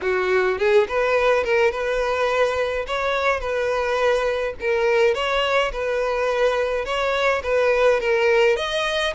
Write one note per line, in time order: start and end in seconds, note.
0.01 0.58 F#4
0.58 0.87 G#4
0.88 1.44 B4
1.44 1.71 A#4
1.71 2.85 B4
2.86 3.39 C#5
3.39 4.54 B4
4.60 5.14 A#4
5.14 5.71 C#5
5.72 6.85 B4
6.85 7.42 C#5
7.43 8.00 B4
8.00 8.56 A#4
8.56 9.13 D#5